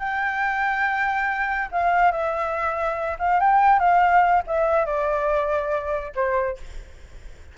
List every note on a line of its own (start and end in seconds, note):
0.00 1.69 G5
1.72 2.12 F5
2.12 3.17 E5
3.19 3.40 F5
3.40 3.80 G5
3.80 4.43 F5
4.47 4.86 E5
4.86 6.13 D5
6.16 6.58 C5